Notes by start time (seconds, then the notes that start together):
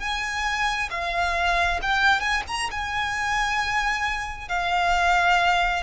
0.00 G#5
0.91 F5
1.82 G5
2.21 G#5
2.48 A#5
2.71 G#5
4.49 F5